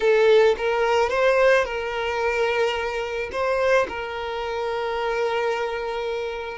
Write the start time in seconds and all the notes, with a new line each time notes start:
0.00 A4
0.57 A#4
1.09 C5
1.64 A#4
3.32 C5
3.88 A#4